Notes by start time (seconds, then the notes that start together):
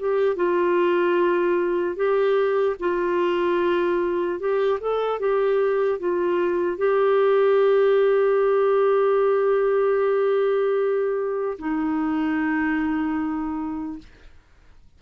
0.00 G4
0.36 F4
1.96 G4
2.80 F4
4.40 G4
4.81 A4
5.20 G4
6.00 F4
6.78 G4
11.59 D#4